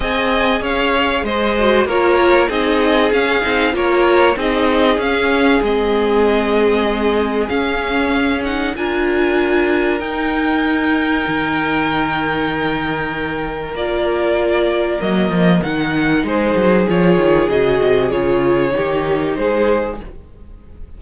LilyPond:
<<
  \new Staff \with { instrumentName = "violin" } { \time 4/4 \tempo 4 = 96 gis''4 f''4 dis''4 cis''4 | dis''4 f''4 cis''4 dis''4 | f''4 dis''2. | f''4. fis''8 gis''2 |
g''1~ | g''2 d''2 | dis''4 fis''4 c''4 cis''4 | dis''4 cis''2 c''4 | }
  \new Staff \with { instrumentName = "violin" } { \time 4/4 dis''4 cis''4 c''4 ais'4 | gis'2 ais'4 gis'4~ | gis'1~ | gis'2 ais'2~ |
ais'1~ | ais'1~ | ais'2 gis'2~ | gis'2 g'4 gis'4 | }
  \new Staff \with { instrumentName = "viola" } { \time 4/4 gis'2~ gis'8 fis'8 f'4 | dis'4 cis'8 dis'8 f'4 dis'4 | cis'4 c'2. | cis'4. dis'8 f'2 |
dis'1~ | dis'2 f'2 | ais4 dis'2 f'4 | fis'4 f'4 dis'2 | }
  \new Staff \with { instrumentName = "cello" } { \time 4/4 c'4 cis'4 gis4 ais4 | c'4 cis'8 c'8 ais4 c'4 | cis'4 gis2. | cis'2 d'2 |
dis'2 dis2~ | dis2 ais2 | fis8 f8 dis4 gis8 fis8 f8 dis8 | cis8 c8 cis4 dis4 gis4 | }
>>